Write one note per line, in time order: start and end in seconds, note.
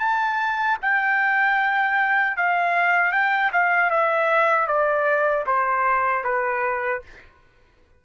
0.00 0.78 A5
0.82 2.37 G5
2.37 3.13 F5
3.13 3.52 G5
3.53 3.91 F5
3.91 4.68 E5
4.68 5.46 D5
5.47 6.24 C5
6.24 7.02 B4